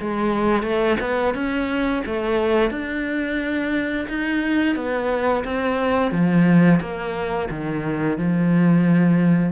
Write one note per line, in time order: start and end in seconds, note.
0.00 0.63 G#3
0.63 0.97 A3
1.00 1.34 B3
1.34 2.02 C#4
2.06 2.70 A3
2.70 4.07 D4
4.09 4.75 D#4
4.75 5.44 B3
5.44 6.11 C4
6.11 6.80 F3
6.80 7.48 A#3
7.50 8.18 D#3
8.18 9.52 F3